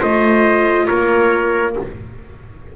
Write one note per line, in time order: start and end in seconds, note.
0.00 0.89 A3
0.00 1.74 F4
0.00 0.87 C5
0.00 0.87 D#5
0.87 1.77 A#3
0.87 1.75 A#4
0.87 1.74 C#5